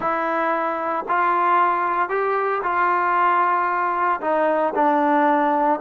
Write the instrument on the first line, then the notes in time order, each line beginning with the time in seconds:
trombone
0.00 E4
1.08 F4
2.09 G4
2.62 F4
4.20 D#4
4.74 D4